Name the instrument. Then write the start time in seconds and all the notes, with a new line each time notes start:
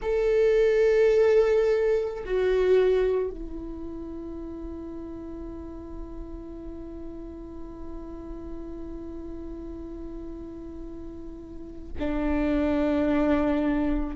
viola
0.02 A4
2.25 F#4
3.30 E4
11.99 D4